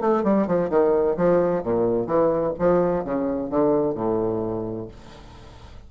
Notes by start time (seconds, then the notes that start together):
0.00 A3
0.23 G3
0.47 F3
0.69 D#3
1.16 F3
1.63 A#2
2.06 E3
2.58 F3
3.04 C#3
3.50 D3
3.95 A2